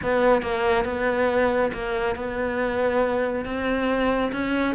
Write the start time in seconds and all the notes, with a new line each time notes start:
0.03 B3
0.41 A#3
0.84 B3
1.73 A#3
2.15 B3
3.45 C4
4.32 C#4